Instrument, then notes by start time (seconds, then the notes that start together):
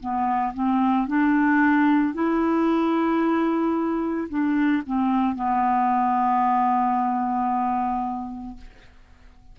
clarinet
0.00 B3
0.54 C4
1.08 D4
2.14 E4
4.29 D4
4.86 C4
5.36 B3